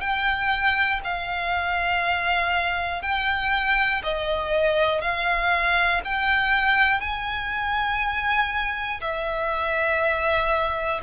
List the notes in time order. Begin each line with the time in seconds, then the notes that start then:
0.00 G5
1.04 F5
3.02 G5
4.03 D#5
5.01 F5
6.05 G5
7.00 G#5
9.00 E5